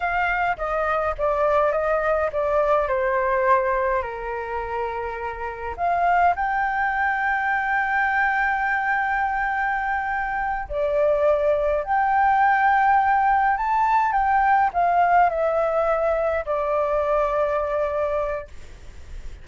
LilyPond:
\new Staff \with { instrumentName = "flute" } { \time 4/4 \tempo 4 = 104 f''4 dis''4 d''4 dis''4 | d''4 c''2 ais'4~ | ais'2 f''4 g''4~ | g''1~ |
g''2~ g''8 d''4.~ | d''8 g''2. a''8~ | a''8 g''4 f''4 e''4.~ | e''8 d''2.~ d''8 | }